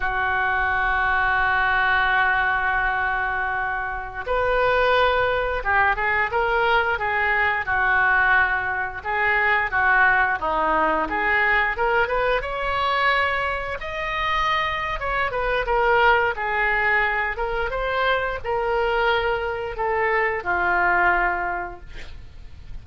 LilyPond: \new Staff \with { instrumentName = "oboe" } { \time 4/4 \tempo 4 = 88 fis'1~ | fis'2~ fis'16 b'4.~ b'16~ | b'16 g'8 gis'8 ais'4 gis'4 fis'8.~ | fis'4~ fis'16 gis'4 fis'4 dis'8.~ |
dis'16 gis'4 ais'8 b'8 cis''4.~ cis''16~ | cis''16 dis''4.~ dis''16 cis''8 b'8 ais'4 | gis'4. ais'8 c''4 ais'4~ | ais'4 a'4 f'2 | }